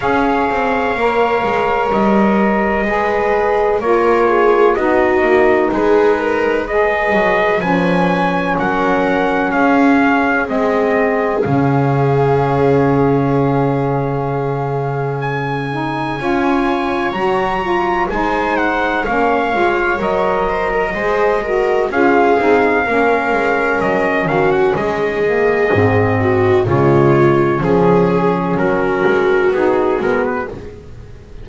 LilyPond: <<
  \new Staff \with { instrumentName = "trumpet" } { \time 4/4 \tempo 4 = 63 f''2 dis''2 | cis''4 dis''4 b'4 dis''4 | gis''4 fis''4 f''4 dis''4 | f''1 |
gis''2 ais''4 gis''8 fis''8 | f''4 dis''2 f''4~ | f''4 dis''8 f''16 fis''16 dis''2 | cis''4 gis'4 ais'4 gis'8 ais'16 b'16 | }
  \new Staff \with { instrumentName = "viola" } { \time 4/4 cis''2. b'4 | ais'8 gis'8 fis'4 gis'8 ais'8 b'4~ | b'4 ais'4 gis'2~ | gis'1~ |
gis'4 cis''2 c''4 | cis''4. c''16 ais'16 c''8 ais'8 gis'4 | ais'4. fis'8 gis'4. fis'8 | f'4 gis'4 fis'2 | }
  \new Staff \with { instrumentName = "saxophone" } { \time 4/4 gis'4 ais'2 gis'4 | f'4 dis'2 gis'4 | cis'2. c'4 | cis'1~ |
cis'8 dis'8 f'4 fis'8 f'8 dis'4 | cis'8 f'8 ais'4 gis'8 fis'8 f'8 dis'8 | cis'2~ cis'8 ais8 c'4 | gis4 cis'2 dis'8 b8 | }
  \new Staff \with { instrumentName = "double bass" } { \time 4/4 cis'8 c'8 ais8 gis8 g4 gis4 | ais4 b8 ais8 gis4. fis8 | f4 fis4 cis'4 gis4 | cis1~ |
cis4 cis'4 fis4 gis4 | ais8 gis8 fis4 gis4 cis'8 c'8 | ais8 gis8 fis8 dis8 gis4 gis,4 | cis4 f4 fis8 gis8 b8 gis8 | }
>>